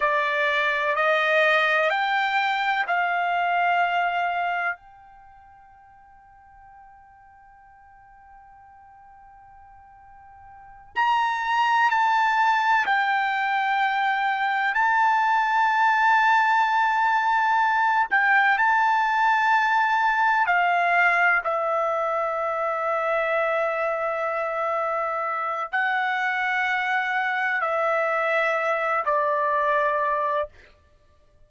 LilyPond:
\new Staff \with { instrumentName = "trumpet" } { \time 4/4 \tempo 4 = 63 d''4 dis''4 g''4 f''4~ | f''4 g''2.~ | g''2.~ g''8 ais''8~ | ais''8 a''4 g''2 a''8~ |
a''2. g''8 a''8~ | a''4. f''4 e''4.~ | e''2. fis''4~ | fis''4 e''4. d''4. | }